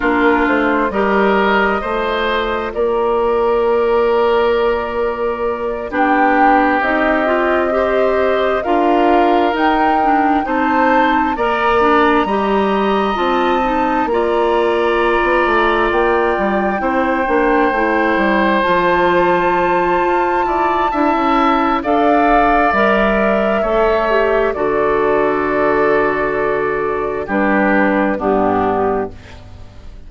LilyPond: <<
  \new Staff \with { instrumentName = "flute" } { \time 4/4 \tempo 4 = 66 ais'8 c''8 dis''2 d''4~ | d''2~ d''8 g''4 dis''8~ | dis''4. f''4 g''4 a''8~ | a''8 ais''2 a''4 ais''8~ |
ais''4. g''2~ g''8~ | g''8 a''2.~ a''8 | f''4 e''2 d''4~ | d''2 b'4 g'4 | }
  \new Staff \with { instrumentName = "oboe" } { \time 4/4 f'4 ais'4 c''4 ais'4~ | ais'2~ ais'8 g'4.~ | g'8 c''4 ais'2 c''8~ | c''8 d''4 dis''2 d''8~ |
d''2~ d''8 c''4.~ | c''2~ c''8 d''8 e''4 | d''2 cis''4 a'4~ | a'2 g'4 d'4 | }
  \new Staff \with { instrumentName = "clarinet" } { \time 4/4 d'4 g'4 f'2~ | f'2~ f'8 d'4 dis'8 | f'8 g'4 f'4 dis'8 d'8 dis'8~ | dis'8 ais'8 d'8 g'4 f'8 dis'8 f'8~ |
f'2~ f'8 e'8 d'8 e'8~ | e'8 f'2~ f'8 e'4 | a'4 ais'4 a'8 g'8 fis'4~ | fis'2 d'4 b4 | }
  \new Staff \with { instrumentName = "bassoon" } { \time 4/4 ais8 a8 g4 a4 ais4~ | ais2~ ais8 b4 c'8~ | c'4. d'4 dis'4 c'8~ | c'8 ais4 g4 c'4 ais8~ |
ais8. b16 a8 ais8 g8 c'8 ais8 a8 | g8 f4. f'8 e'8 d'16 cis'8. | d'4 g4 a4 d4~ | d2 g4 g,4 | }
>>